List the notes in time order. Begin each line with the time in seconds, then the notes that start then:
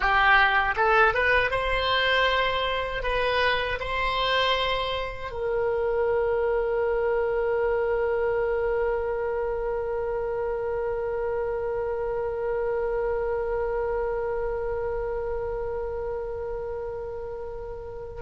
0.00 G4
0.76 A4
1.14 B4
1.51 C5
3.02 B4
3.79 C5
5.31 A#4